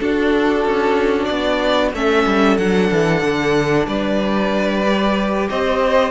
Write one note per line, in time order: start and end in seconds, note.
0.00 1.94 D4
0.00 0.65 D4
0.00 1.95 F#4
0.00 1.25 A4
0.65 1.29 C#4
1.25 1.93 B3
1.25 1.90 D5
1.93 2.26 A3
1.93 2.59 C#4
1.93 3.88 A4
1.93 2.58 E5
2.26 2.58 G3
2.58 2.90 F#3
2.58 4.85 D4
2.58 3.87 F#5
2.92 3.22 E3
3.22 3.87 D3
3.87 5.49 G3
3.87 5.49 B4
3.87 5.49 D5
4.87 6.12 G4
5.50 6.12 C4
5.50 6.12 C5
5.50 6.12 D#5